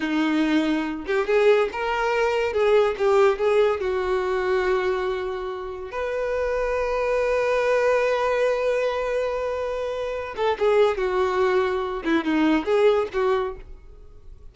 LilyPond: \new Staff \with { instrumentName = "violin" } { \time 4/4 \tempo 4 = 142 dis'2~ dis'8 g'8 gis'4 | ais'2 gis'4 g'4 | gis'4 fis'2.~ | fis'2 b'2~ |
b'1~ | b'1~ | b'8 a'8 gis'4 fis'2~ | fis'8 e'8 dis'4 gis'4 fis'4 | }